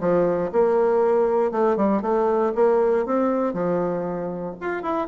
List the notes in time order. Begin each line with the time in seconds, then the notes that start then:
0.00 F3
0.52 A#3
1.51 A3
1.77 G3
2.02 A3
2.55 A#3
3.06 C4
3.53 F3
4.60 F4
4.82 E4